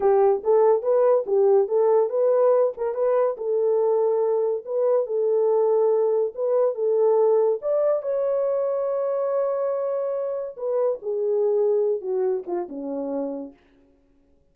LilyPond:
\new Staff \with { instrumentName = "horn" } { \time 4/4 \tempo 4 = 142 g'4 a'4 b'4 g'4 | a'4 b'4. ais'8 b'4 | a'2. b'4 | a'2. b'4 |
a'2 d''4 cis''4~ | cis''1~ | cis''4 b'4 gis'2~ | gis'8 fis'4 f'8 cis'2 | }